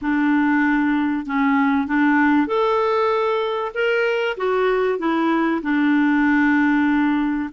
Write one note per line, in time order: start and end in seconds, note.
0.01 1.26 D4
1.26 1.87 C#4
1.87 2.47 D4
2.47 3.72 A4
3.74 4.37 A#4
4.37 4.98 F#4
4.98 5.61 E4
5.62 7.49 D4